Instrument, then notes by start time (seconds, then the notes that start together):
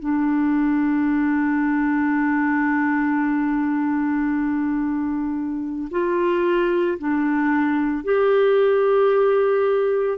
clarinet
0.00 D4
5.91 F4
6.98 D4
8.05 G4